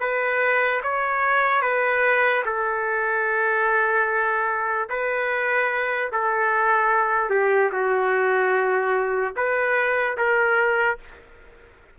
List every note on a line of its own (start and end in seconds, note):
0.00 0.81 B4
0.83 1.61 C#5
1.61 2.43 B4
2.45 4.88 A4
4.89 6.11 B4
6.12 7.30 A4
7.30 7.70 G4
7.72 9.34 F#4
9.36 10.17 B4
10.17 10.98 A#4